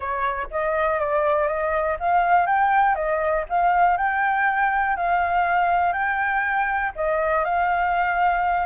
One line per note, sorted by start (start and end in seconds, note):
0.00 0.47 C#5
0.50 0.99 D#5
0.99 1.47 D5
1.47 1.97 D#5
1.99 2.46 F5
2.46 2.95 G5
2.95 3.45 D#5
3.49 3.97 F5
3.97 4.96 G5
4.96 5.92 F5
5.92 6.92 G5
6.95 7.44 D#5
7.44 8.66 F5